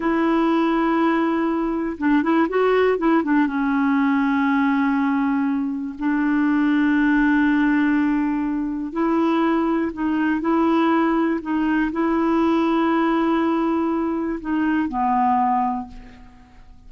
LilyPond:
\new Staff \with { instrumentName = "clarinet" } { \time 4/4 \tempo 4 = 121 e'1 | d'8 e'8 fis'4 e'8 d'8 cis'4~ | cis'1 | d'1~ |
d'2 e'2 | dis'4 e'2 dis'4 | e'1~ | e'4 dis'4 b2 | }